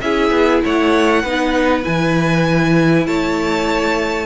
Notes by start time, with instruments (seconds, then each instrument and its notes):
0.00 cello C#4, viola E4, violin G#4 E5
0.30 cello B3
0.64 cello A3, violin C#5 F#5
1.22 cello B3, viola D#4, violin B4
1.83 cello E3, viola E4, violin G#5
3.07 cello A3, violin C#5 A5